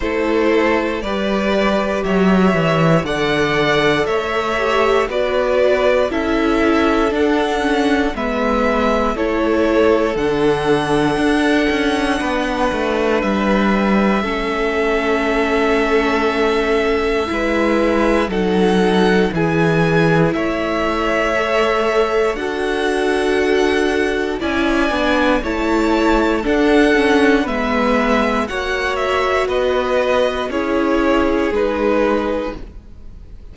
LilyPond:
<<
  \new Staff \with { instrumentName = "violin" } { \time 4/4 \tempo 4 = 59 c''4 d''4 e''4 fis''4 | e''4 d''4 e''4 fis''4 | e''4 cis''4 fis''2~ | fis''4 e''2.~ |
e''2 fis''4 gis''4 | e''2 fis''2 | gis''4 a''4 fis''4 e''4 | fis''8 e''8 dis''4 cis''4 b'4 | }
  \new Staff \with { instrumentName = "violin" } { \time 4/4 a'4 b'4 cis''4 d''4 | cis''4 b'4 a'2 | b'4 a'2. | b'2 a'2~ |
a'4 b'4 a'4 gis'4 | cis''2 a'2 | d''4 cis''4 a'4 b'4 | cis''4 b'4 gis'2 | }
  \new Staff \with { instrumentName = "viola" } { \time 4/4 e'4 g'2 a'4~ | a'8 g'8 fis'4 e'4 d'8 cis'8 | b4 e'4 d'2~ | d'2 cis'2~ |
cis'4 e'4 dis'4 e'4~ | e'4 a'4 fis'2 | e'8 d'8 e'4 d'8 cis'8 b4 | fis'2 e'4 dis'4 | }
  \new Staff \with { instrumentName = "cello" } { \time 4/4 a4 g4 fis8 e8 d4 | a4 b4 cis'4 d'4 | gis4 a4 d4 d'8 cis'8 | b8 a8 g4 a2~ |
a4 gis4 fis4 e4 | a2 d'2 | cis'8 b8 a4 d'4 gis4 | ais4 b4 cis'4 gis4 | }
>>